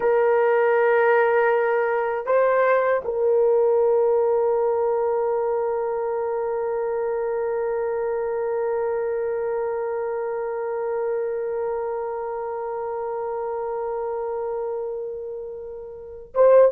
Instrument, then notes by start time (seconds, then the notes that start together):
horn
0.00 A#4
2.26 C5
3.04 A#4
16.34 C5